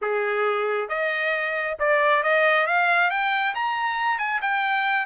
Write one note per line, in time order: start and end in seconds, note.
0.01 0.88 G#4
0.88 1.77 D#5
1.79 2.23 D5
2.23 2.66 D#5
2.66 3.10 F5
3.10 3.54 G5
3.54 4.18 A#5
4.18 4.40 G#5
4.41 5.05 G5